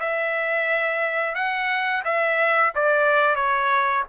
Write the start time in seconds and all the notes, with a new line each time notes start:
0.00 E5
1.35 F#5
2.05 E5
2.75 D5
3.36 C#5